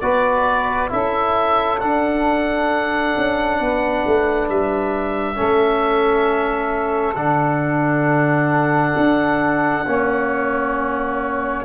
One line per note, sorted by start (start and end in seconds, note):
0.00 0.91 B3
0.00 0.89 F#4
0.00 0.90 B4
0.00 0.90 D5
0.89 1.82 C#4
0.89 1.79 E4
0.89 3.58 A4
0.89 1.80 E5
1.79 5.35 D4
1.79 3.16 D4
1.79 4.49 F#5
3.17 3.60 C#4
3.58 4.04 B3
3.58 5.37 B4
4.06 4.49 A3
4.49 5.38 G3
4.49 7.15 E5
5.35 7.15 A3
5.35 7.14 C#4
5.35 9.84 A4
7.15 8.94 D3
7.15 9.85 D4
7.15 11.63 F#5
8.97 9.86 D4
9.86 11.65 A#3
9.86 11.65 C#4
9.86 11.65 C#5